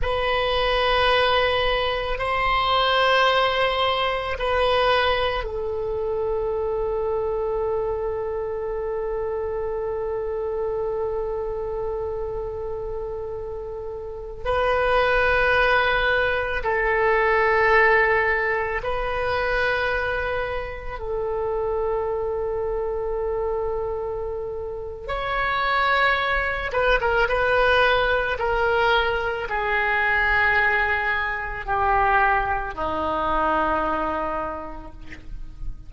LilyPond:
\new Staff \with { instrumentName = "oboe" } { \time 4/4 \tempo 4 = 55 b'2 c''2 | b'4 a'2.~ | a'1~ | a'4~ a'16 b'2 a'8.~ |
a'4~ a'16 b'2 a'8.~ | a'2. cis''4~ | cis''8 b'16 ais'16 b'4 ais'4 gis'4~ | gis'4 g'4 dis'2 | }